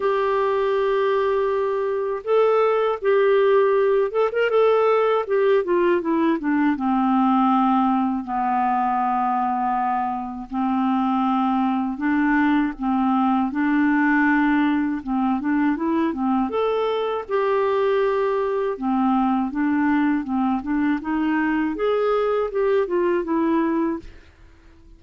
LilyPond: \new Staff \with { instrumentName = "clarinet" } { \time 4/4 \tempo 4 = 80 g'2. a'4 | g'4. a'16 ais'16 a'4 g'8 f'8 | e'8 d'8 c'2 b4~ | b2 c'2 |
d'4 c'4 d'2 | c'8 d'8 e'8 c'8 a'4 g'4~ | g'4 c'4 d'4 c'8 d'8 | dis'4 gis'4 g'8 f'8 e'4 | }